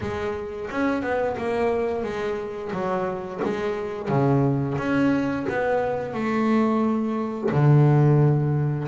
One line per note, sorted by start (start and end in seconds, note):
0.00 0.68 G#3
0.71 1.02 C#4
1.02 1.36 B3
1.37 2.03 A#3
2.03 2.71 G#3
2.72 3.40 F#3
3.43 4.08 G#3
4.08 4.77 C#3
4.77 5.45 C#4
5.49 6.13 B3
6.13 7.50 A3
7.51 8.87 D3